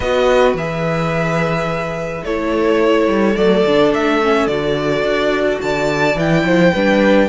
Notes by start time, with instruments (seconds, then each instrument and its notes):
0.00 cello B3, viola F#4, violin B4 D#5
0.54 cello E3, viola G#4, violin E5
2.23 cello A3, viola E4, violin A4 C#5
3.07 cello G3
3.36 cello F#3, viola A3, violin D5
3.65 cello D3, viola D4
3.93 cello A3, violin E5
4.22 viola C#4
4.46 cello D3, viola F#4, violin D5
5.02 cello D4
5.61 cello D3, violin D5 A5
6.15 cello E3, viola E4, violin G5
6.43 cello F3, violin C5
6.74 cello G3, viola D4, violin B4